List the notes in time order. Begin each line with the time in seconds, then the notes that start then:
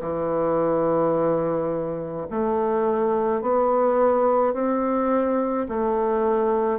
0.00 E3
2.31 A3
3.42 B3
4.54 C4
5.68 A3